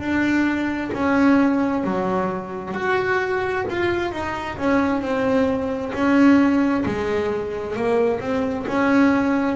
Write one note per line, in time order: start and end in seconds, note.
0.00 0.91 D4
0.94 1.84 C#4
1.84 2.74 F#3
2.74 3.65 F#4
3.70 4.12 F4
4.12 4.57 D#4
4.58 5.02 C#4
5.02 5.93 C4
5.94 6.85 C#4
6.86 7.77 G#3
7.77 8.21 A#3
8.21 8.66 C4
8.67 9.57 C#4